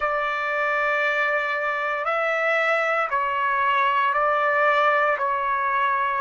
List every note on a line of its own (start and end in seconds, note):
0.00 2.05 D5
2.05 3.08 E5
3.10 4.13 C#5
4.13 5.17 D5
5.18 6.21 C#5